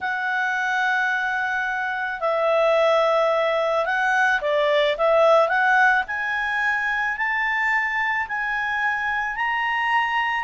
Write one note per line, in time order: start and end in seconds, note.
0.00 2.20 F#5
2.20 3.85 E5
3.85 4.40 F#5
4.41 4.96 D5
4.97 5.48 E5
5.48 6.03 F#5
6.07 7.17 G#5
7.17 8.27 A5
8.28 9.36 G#5
9.36 10.44 A#5